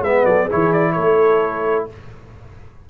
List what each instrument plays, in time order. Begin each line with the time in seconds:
0.00 tuba G#3, trombone B3, horn B4, trumpet E5
0.25 tuba F#3, horn A4, trumpet D5
0.44 trombone E4, horn G#4
0.51 tuba E3, trumpet C#5
0.73 trumpet D5
0.92 tuba A3, horn A4, trumpet C#5